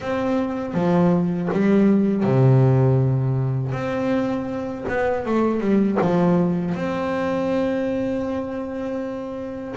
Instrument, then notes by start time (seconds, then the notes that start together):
double bass
0.00 C4
0.73 F3
1.52 G3
2.23 C3
3.72 C4
4.88 B3
5.25 A3
5.60 G3
6.01 F3
6.74 C4